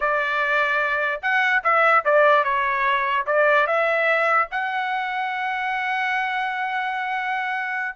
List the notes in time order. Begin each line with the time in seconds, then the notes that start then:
0.00 D5
1.22 F#5
1.63 E5
2.04 D5
2.44 C#5
3.26 D5
3.66 E5
4.51 F#5